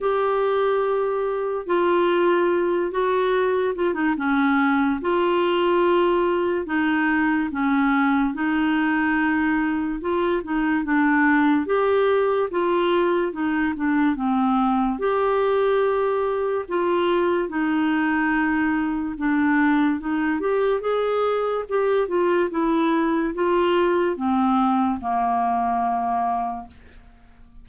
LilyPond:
\new Staff \with { instrumentName = "clarinet" } { \time 4/4 \tempo 4 = 72 g'2 f'4. fis'8~ | fis'8 f'16 dis'16 cis'4 f'2 | dis'4 cis'4 dis'2 | f'8 dis'8 d'4 g'4 f'4 |
dis'8 d'8 c'4 g'2 | f'4 dis'2 d'4 | dis'8 g'8 gis'4 g'8 f'8 e'4 | f'4 c'4 ais2 | }